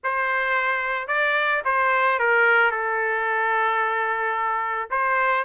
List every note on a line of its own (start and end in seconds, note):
0.03 1.07 C5
1.07 1.62 D5
1.65 2.19 C5
2.19 2.71 A#4
2.71 4.89 A4
4.90 5.44 C5